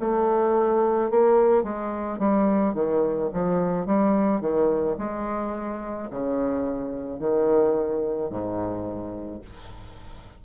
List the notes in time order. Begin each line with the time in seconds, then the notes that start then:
0.00 A3
1.11 A#3
1.63 G#3
2.19 G3
2.74 D#3
3.33 F3
3.86 G3
4.41 D#3
4.98 G#3
6.11 C#3
7.19 D#3
8.30 G#2